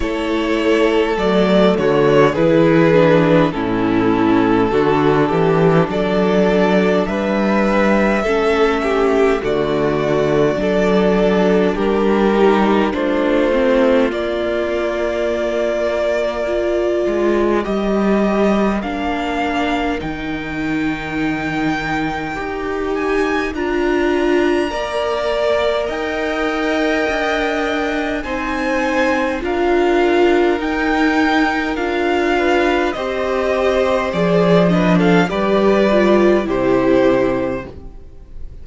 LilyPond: <<
  \new Staff \with { instrumentName = "violin" } { \time 4/4 \tempo 4 = 51 cis''4 d''8 cis''8 b'4 a'4~ | a'4 d''4 e''2 | d''2 ais'4 c''4 | d''2. dis''4 |
f''4 g''2~ g''8 gis''8 | ais''2 g''2 | gis''4 f''4 g''4 f''4 | dis''4 d''8 dis''16 f''16 d''4 c''4 | }
  \new Staff \with { instrumentName = "violin" } { \time 4/4 a'4. fis'8 gis'4 e'4 | fis'8 g'8 a'4 b'4 a'8 g'8 | fis'4 a'4 g'4 f'4~ | f'2 ais'2~ |
ais'1~ | ais'4 d''4 dis''2 | c''4 ais'2~ ais'8 b'8 | c''4. b'16 a'16 b'4 g'4 | }
  \new Staff \with { instrumentName = "viola" } { \time 4/4 e'4 a4 e'8 d'8 cis'4 | d'2. cis'4 | a4 d'4. dis'8 d'8 c'8 | ais2 f'4 g'4 |
d'4 dis'2 g'4 | f'4 ais'2. | dis'4 f'4 dis'4 f'4 | g'4 gis'8 d'8 g'8 f'8 e'4 | }
  \new Staff \with { instrumentName = "cello" } { \time 4/4 a4 fis8 d8 e4 a,4 | d8 e8 fis4 g4 a4 | d4 fis4 g4 a4 | ais2~ ais8 gis8 g4 |
ais4 dis2 dis'4 | d'4 ais4 dis'4 d'4 | c'4 d'4 dis'4 d'4 | c'4 f4 g4 c4 | }
>>